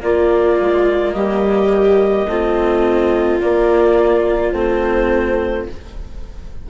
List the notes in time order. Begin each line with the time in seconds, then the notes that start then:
0.00 A#3 F4 D5
0.60 G#3
1.13 G3 G4 D#5
2.27 A3 C4 F4
3.41 A#3 D5
4.52 A3 C4 C5